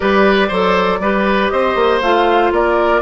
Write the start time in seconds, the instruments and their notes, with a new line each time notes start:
0.00 bassoon G3, clarinet G4, oboe B4, flute D5
0.48 bassoon F#3, clarinet A4, oboe C5
0.99 bassoon G3, clarinet G4, oboe B4
1.49 bassoon C4, oboe C5, flute D#5
1.75 bassoon A#3
2.01 bassoon A3, clarinet F4, flute F5
2.51 bassoon A#3, oboe A#4, flute D5